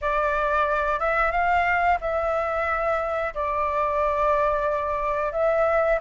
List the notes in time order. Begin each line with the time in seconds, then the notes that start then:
0.01 D5
0.99 E5
1.31 F5
2.00 E5
3.34 D5
5.32 E5